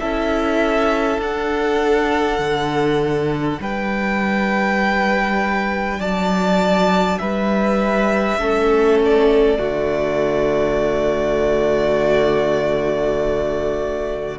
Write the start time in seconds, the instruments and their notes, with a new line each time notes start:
0.00 cello C#4, viola E4, violin A4 E5
1.19 cello D4, viola D4, violin F#5
2.39 cello D3
3.60 cello G3, violin B4 G5
5.99 cello F#3, violin D5 A5
7.19 cello G3, violin B4 E5
8.39 cello A3, viola C#4, violin A4
9.05 violin D5
9.59 cello D3, viola A3, violin F#4